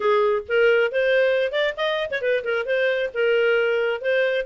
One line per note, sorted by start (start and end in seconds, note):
0.00 0.42 G#4
0.48 0.91 A#4
0.91 1.52 C5
1.52 1.74 D5
1.77 2.10 D#5
2.11 2.21 C#5
2.21 2.43 B4
2.44 2.65 A#4
2.65 3.10 C5
3.14 4.01 A#4
4.01 4.45 C5